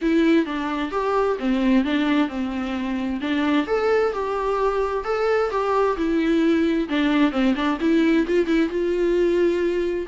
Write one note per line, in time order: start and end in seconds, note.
0.01 0.45 E4
0.45 0.91 D4
0.91 1.37 G4
1.39 1.84 C4
1.84 2.28 D4
2.28 3.20 C4
3.21 3.66 D4
3.66 4.12 A4
4.12 5.04 G4
5.04 5.50 A4
5.50 5.96 G4
5.96 6.88 E4
6.88 7.31 D4
7.31 7.54 C4
7.55 7.78 D4
7.80 8.26 E4
8.26 8.46 F4
8.46 8.69 E4
8.69 10.06 F4